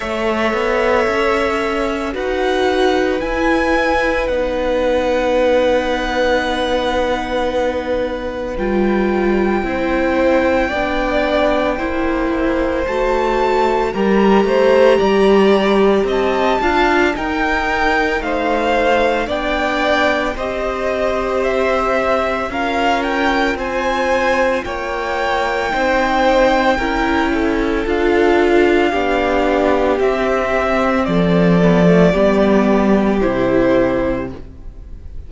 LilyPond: <<
  \new Staff \with { instrumentName = "violin" } { \time 4/4 \tempo 4 = 56 e''2 fis''4 gis''4 | fis''1 | g''1 | a''4 ais''2 a''4 |
g''4 f''4 g''4 dis''4 | e''4 f''8 g''8 gis''4 g''4~ | g''2 f''2 | e''4 d''2 c''4 | }
  \new Staff \with { instrumentName = "violin" } { \time 4/4 cis''2 b'2~ | b'1~ | b'4 c''4 d''4 c''4~ | c''4 ais'8 c''8 d''4 dis''8 f''8 |
ais'4 c''4 d''4 c''4~ | c''4 ais'4 c''4 cis''4 | c''4 ais'8 a'4. g'4~ | g'4 a'4 g'2 | }
  \new Staff \with { instrumentName = "viola" } { \time 4/4 a'2 fis'4 e'4 | dis'1 | f'4 e'4 d'4 e'4 | fis'4 g'2~ g'8 f'8 |
dis'2 d'4 g'4~ | g'4 f'2. | dis'4 e'4 f'4 d'4 | c'4. b16 a16 b4 e'4 | }
  \new Staff \with { instrumentName = "cello" } { \time 4/4 a8 b8 cis'4 dis'4 e'4 | b1 | g4 c'4 b4 ais4 | a4 g8 a8 g4 c'8 d'8 |
dis'4 a4 b4 c'4~ | c'4 cis'4 c'4 ais4 | c'4 cis'4 d'4 b4 | c'4 f4 g4 c4 | }
>>